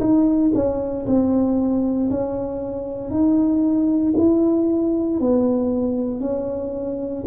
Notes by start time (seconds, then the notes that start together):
0.00 D#4
0.55 C#4
1.06 C4
2.10 C#4
3.10 D#4
4.17 E4
5.20 B3
6.21 C#4